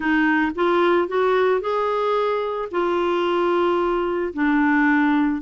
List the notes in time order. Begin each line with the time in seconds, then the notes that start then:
0.00 D#4
0.55 F4
1.08 F#4
1.60 G#4
2.71 F4
4.33 D4